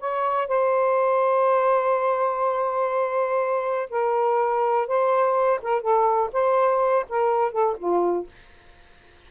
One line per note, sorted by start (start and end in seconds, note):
0.00 0.48 C#5
0.48 3.89 C5
3.90 4.87 A#4
4.87 5.60 C5
5.62 5.81 A#4
5.81 6.30 A4
6.32 7.06 C5
7.09 7.52 A#4
7.52 7.76 A4
7.78 8.27 F4